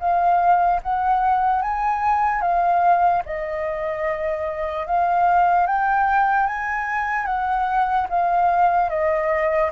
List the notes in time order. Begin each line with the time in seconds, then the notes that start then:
0.00 F5
0.83 F#5
1.62 G#5
2.42 F5
3.26 D#5
4.87 F5
5.67 G5
6.47 G#5
7.26 F#5
8.10 F5
8.90 D#5